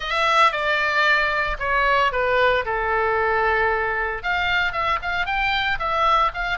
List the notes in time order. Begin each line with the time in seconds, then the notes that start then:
0.00 E5
0.52 D5
1.59 C#5
2.12 B4
2.65 A4
4.22 F5
4.72 E5
5.01 F5
5.25 G5
5.79 E5
6.33 F5